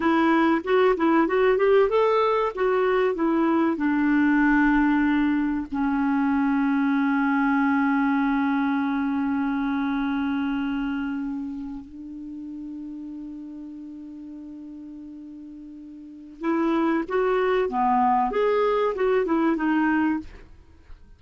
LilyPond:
\new Staff \with { instrumentName = "clarinet" } { \time 4/4 \tempo 4 = 95 e'4 fis'8 e'8 fis'8 g'8 a'4 | fis'4 e'4 d'2~ | d'4 cis'2.~ | cis'1~ |
cis'2~ cis'8. d'4~ d'16~ | d'1~ | d'2 e'4 fis'4 | b4 gis'4 fis'8 e'8 dis'4 | }